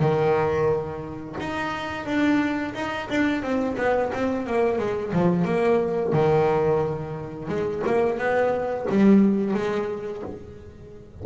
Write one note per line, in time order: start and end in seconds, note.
0.00 1.36 D#3
1.40 2.06 D#4
2.06 2.74 D4
2.75 3.09 D#4
3.11 3.43 D4
3.43 3.77 C4
3.78 4.12 B3
4.14 4.47 C4
4.47 4.79 A#3
4.79 5.13 G#3
5.13 5.45 F3
5.45 6.13 A#3
6.13 7.49 D#3
7.49 7.83 G#3
7.87 8.18 A#3
8.18 8.87 B3
8.90 9.55 G3
9.55 10.23 G#3